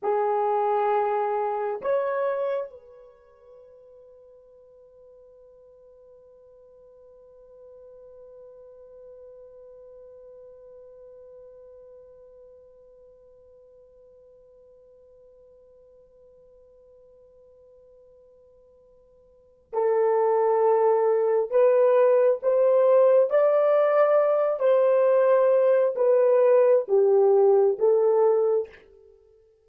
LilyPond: \new Staff \with { instrumentName = "horn" } { \time 4/4 \tempo 4 = 67 gis'2 cis''4 b'4~ | b'1~ | b'1~ | b'1~ |
b'1~ | b'2 a'2 | b'4 c''4 d''4. c''8~ | c''4 b'4 g'4 a'4 | }